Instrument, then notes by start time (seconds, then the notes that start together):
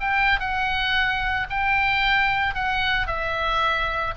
oboe
0.00 G5
0.40 F#5
1.50 G5
2.55 F#5
3.07 E5